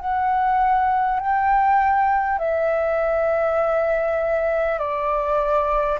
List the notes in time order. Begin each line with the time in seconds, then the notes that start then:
0.00 F#5
1.19 G5
2.39 E5
4.79 D5